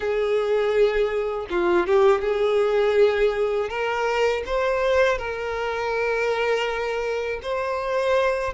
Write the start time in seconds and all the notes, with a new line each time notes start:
0.00 G#4
1.49 F4
1.87 G4
2.21 G#4
3.69 A#4
4.45 C5
5.18 A#4
7.42 C5